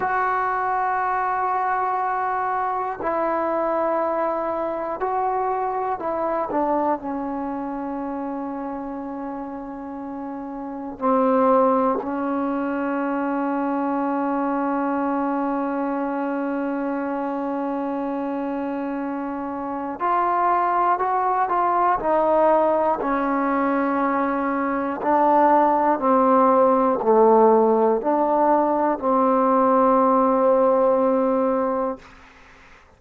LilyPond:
\new Staff \with { instrumentName = "trombone" } { \time 4/4 \tempo 4 = 60 fis'2. e'4~ | e'4 fis'4 e'8 d'8 cis'4~ | cis'2. c'4 | cis'1~ |
cis'1 | f'4 fis'8 f'8 dis'4 cis'4~ | cis'4 d'4 c'4 a4 | d'4 c'2. | }